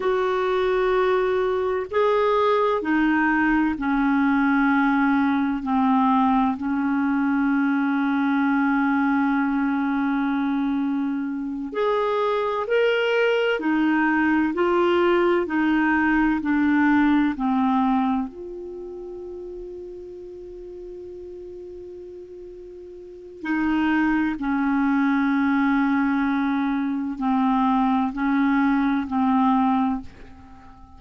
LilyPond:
\new Staff \with { instrumentName = "clarinet" } { \time 4/4 \tempo 4 = 64 fis'2 gis'4 dis'4 | cis'2 c'4 cis'4~ | cis'1~ | cis'8 gis'4 ais'4 dis'4 f'8~ |
f'8 dis'4 d'4 c'4 f'8~ | f'1~ | f'4 dis'4 cis'2~ | cis'4 c'4 cis'4 c'4 | }